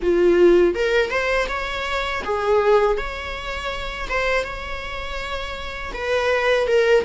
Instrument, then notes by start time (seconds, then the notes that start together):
viola
0.02 F4
0.74 A#4
1.10 C5
1.48 C#5
2.24 G#4
2.97 C#5
4.09 C5
4.44 C#5
5.93 B4
6.67 A#4